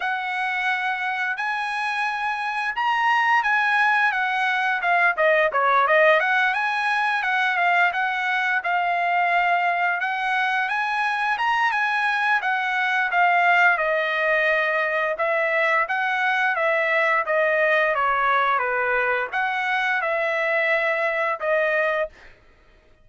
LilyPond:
\new Staff \with { instrumentName = "trumpet" } { \time 4/4 \tempo 4 = 87 fis''2 gis''2 | ais''4 gis''4 fis''4 f''8 dis''8 | cis''8 dis''8 fis''8 gis''4 fis''8 f''8 fis''8~ | fis''8 f''2 fis''4 gis''8~ |
gis''8 ais''8 gis''4 fis''4 f''4 | dis''2 e''4 fis''4 | e''4 dis''4 cis''4 b'4 | fis''4 e''2 dis''4 | }